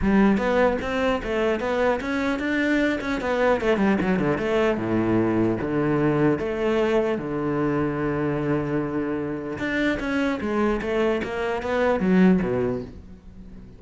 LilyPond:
\new Staff \with { instrumentName = "cello" } { \time 4/4 \tempo 4 = 150 g4 b4 c'4 a4 | b4 cis'4 d'4. cis'8 | b4 a8 g8 fis8 d8 a4 | a,2 d2 |
a2 d2~ | d1 | d'4 cis'4 gis4 a4 | ais4 b4 fis4 b,4 | }